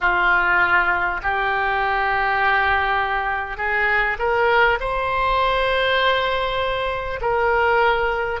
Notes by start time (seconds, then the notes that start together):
0.01 F4
1.23 G4
3.57 G#4
4.18 A#4
4.79 C5
7.21 A#4